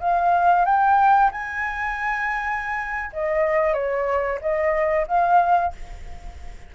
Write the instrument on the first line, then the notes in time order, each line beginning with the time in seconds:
flute
0.00 F5
0.65 G5
1.32 G#5
3.13 D#5
3.74 C#5
4.41 D#5
5.08 F5